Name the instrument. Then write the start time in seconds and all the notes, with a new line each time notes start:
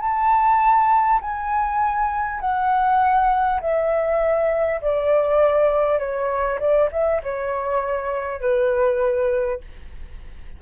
flute
0.00 A5
1.21 G#5
2.40 F#5
3.61 E5
4.81 D5
5.98 C#5
6.59 D5
6.91 E5
7.22 C#5
8.41 B4